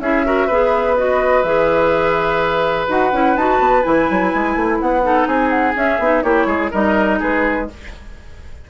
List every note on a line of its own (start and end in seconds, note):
0.00 0.48 C#4
0.00 0.25 E4
0.00 0.26 G#4
0.00 0.97 E5
0.25 0.49 F#4
0.25 0.47 A#4
0.47 1.43 B3
0.47 0.97 G#4
0.47 5.03 B4
0.97 1.45 F#4
0.97 1.43 D#5
1.43 2.87 E3
1.43 2.88 G#4
1.43 2.87 E5
2.88 3.12 D#4
2.88 3.12 F#4
2.88 3.37 F#5
3.12 3.36 C#4
3.12 3.36 E4
3.36 3.60 D#4
3.36 3.83 F#4
3.36 3.83 A5
3.60 3.84 B3
3.83 4.10 E3
3.83 5.03 E4
3.83 4.79 G#5
4.10 4.34 F#3
4.34 4.56 G#3
4.56 4.80 A3
4.80 5.27 B3
4.80 5.28 F#5
5.03 5.75 D#4
5.03 5.28 A4
5.27 5.75 C4
5.27 6.24 G#4
5.27 5.50 G#5
5.50 5.74 F#5
5.76 6.00 C#4
5.76 6.23 E5
6.00 6.24 B3
6.00 6.24 D#4
6.23 6.46 A#3
6.23 6.72 E4
6.23 6.47 G4
6.23 6.71 C#5
6.46 6.70 G#3
6.46 6.71 G#4
6.71 7.22 G3
6.71 7.68 D#4
6.71 7.19 A#4
6.71 7.21 D#5
7.20 7.70 G#3
7.20 7.67 G#4
7.20 7.70 B4